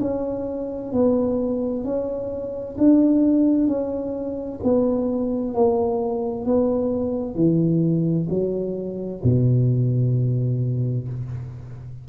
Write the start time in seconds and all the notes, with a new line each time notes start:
0.00 C#4
0.92 B3
1.84 C#4
2.77 D4
3.67 C#4
4.63 B3
5.54 A#3
6.44 B3
7.35 E3
8.29 F#3
9.23 B2